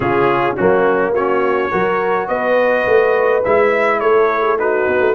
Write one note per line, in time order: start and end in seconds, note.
0.00 0.56 C#3
0.00 0.56 C#4
0.00 0.55 F4
0.00 0.56 G#4
0.55 1.12 F#3
0.55 1.16 A#3
0.55 1.12 C#4
0.55 1.14 F#4
1.12 1.69 A#3
1.12 1.71 C#4
1.12 1.70 F#4
1.12 2.27 C#5
1.70 2.28 F#3
1.70 3.42 F#4
1.70 2.27 A#4
2.27 2.85 B3
2.27 3.99 B4
2.27 3.42 D#5
2.86 3.43 A3
3.44 4.01 G#3
3.44 4.58 E4
3.44 4.00 E5
4.00 4.87 A3
4.00 4.41 A4
4.00 4.57 C#5
4.41 4.56 G#4
4.58 5.14 D#4
4.58 5.14 F#4
4.58 5.14 B4
4.88 5.00 B3
5.00 5.14 A3